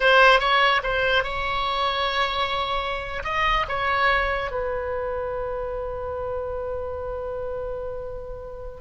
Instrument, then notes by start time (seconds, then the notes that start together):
oboe
0.00 C5
0.39 C#5
0.83 C5
1.23 C#5
3.24 D#5
3.68 C#5
4.51 B4